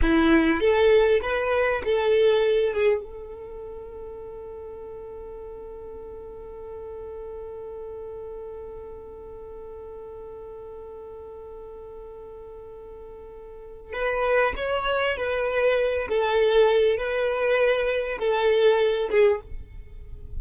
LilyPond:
\new Staff \with { instrumentName = "violin" } { \time 4/4 \tempo 4 = 99 e'4 a'4 b'4 a'4~ | a'8 gis'8 a'2.~ | a'1~ | a'1~ |
a'1~ | a'2. b'4 | cis''4 b'4. a'4. | b'2 a'4. gis'8 | }